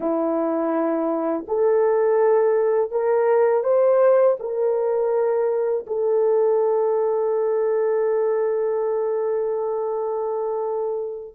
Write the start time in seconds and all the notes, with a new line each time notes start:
0.00 E4
1.47 A4
2.91 A#4
3.63 C5
4.39 A#4
5.86 A4